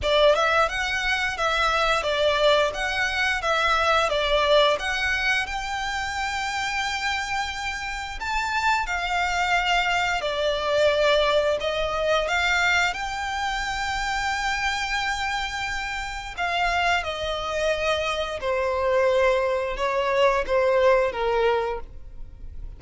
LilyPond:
\new Staff \with { instrumentName = "violin" } { \time 4/4 \tempo 4 = 88 d''8 e''8 fis''4 e''4 d''4 | fis''4 e''4 d''4 fis''4 | g''1 | a''4 f''2 d''4~ |
d''4 dis''4 f''4 g''4~ | g''1 | f''4 dis''2 c''4~ | c''4 cis''4 c''4 ais'4 | }